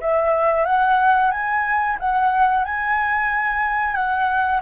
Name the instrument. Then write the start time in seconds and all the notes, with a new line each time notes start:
flute
0.00 E5
0.65 F#5
1.31 G#5
1.99 F#5
2.65 G#5
3.95 F#5